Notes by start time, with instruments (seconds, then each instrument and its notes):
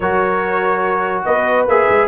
0.00 tuba F#3, trombone F#4, horn A#4, trumpet C#5
1.25 tuba B3, horn B4, trumpet D#5
1.67 tuba A#3, trombone G#4, trumpet E5
1.89 tuba G#3